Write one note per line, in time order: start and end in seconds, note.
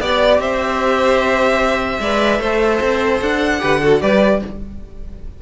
0.00 0.38 B3
0.00 2.01 G4
0.00 0.40 D5
0.00 0.41 D5
0.38 1.98 C4
0.38 2.00 C5
0.38 3.20 E5
1.99 2.39 G#3
1.99 2.43 B4
1.99 2.40 D5
2.39 2.79 A3
2.39 3.59 A4
2.39 3.60 C5
2.80 3.20 C4
3.21 3.61 D4
3.21 4.01 F#5
3.59 4.02 D3
3.59 3.79 G4
3.59 3.81 B4
3.82 4.00 F#4
3.82 4.02 A4
4.00 4.42 G3
4.00 4.40 G4
4.00 4.42 B4
4.00 4.41 D5